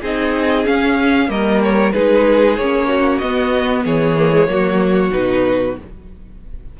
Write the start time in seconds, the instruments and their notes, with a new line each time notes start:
0.00 cello C4, viola D#4, violin G#4 D#5
0.64 viola C#4, cello C#4, violin F5
1.28 cello G3, viola A#3, violin A#4 D#5
1.63 violin C#5
1.92 cello G#3, viola D#4, violin G#4 B4
2.56 cello A#3, viola C#4, violin C#5
2.88 violin F#4
3.18 viola B3, cello B3, violin D#5
3.85 cello E3, violin G#4 C#5
4.17 viola A#3
4.31 viola G#3
4.47 cello F#3, viola A#3, violin F#4
5.12 cello B2, viola D#4, violin B4